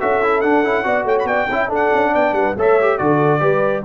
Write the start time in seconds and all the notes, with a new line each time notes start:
0.00 C#4 F#4 A4 E5
0.23 E4
0.41 D4 F#5
0.64 C#4 E4
0.84 B3 F#4 D5
1.05 A3 C#5 G5
1.19 B3 B5
1.27 D5 G5
1.50 C#4 E4 E5
1.68 D4 A4
1.75 F#5
1.94 C#4
2.13 B3 D5 G5
2.33 G3 B4 F#5
2.57 A3 A4 C#5 E5
2.81 G4
2.98 D3 F#4 A4 D5
3.40 G3 G4 B4